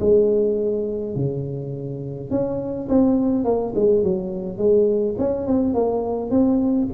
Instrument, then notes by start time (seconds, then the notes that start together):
tuba
0.00 G#3
1.15 C#3
2.30 C#4
2.88 C4
3.44 A#3
3.75 G#3
4.03 F#3
4.57 G#3
5.18 C#4
5.47 C4
5.74 A#3
6.30 C4